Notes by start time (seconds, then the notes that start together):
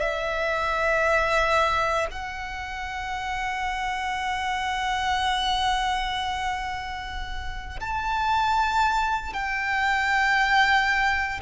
0.00 E5
2.11 F#5
7.80 A5
9.33 G5